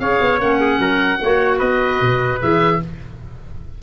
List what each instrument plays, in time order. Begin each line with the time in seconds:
0.00 tuba C#4, clarinet G#4, trumpet C#5, oboe F5
0.21 tuba B3
0.39 tuba A#3, clarinet C#4, oboe F#5
0.60 trumpet G#4
0.79 tuba F#3, trumpet A#4
1.22 tuba A#3, clarinet F#4, trumpet C#5
1.58 tuba B3, trumpet B4, oboe D#5
2.01 tuba B2
2.40 tuba E3, clarinet G#4, oboe E5